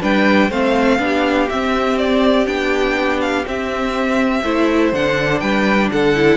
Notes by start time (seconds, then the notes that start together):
0.00 G3 D4 B4 G5
0.50 A3 C4 C5 F5
0.98 B3 D4 G4
1.49 C4 E5
1.98 D5
2.46 B3 D4 G5
3.20 F5
3.45 C4 E5
4.43 A3 E4 C5
4.92 D3 D4 F#5
5.39 G3 B4 G5
5.92 D3 A4 F#5
6.15 E4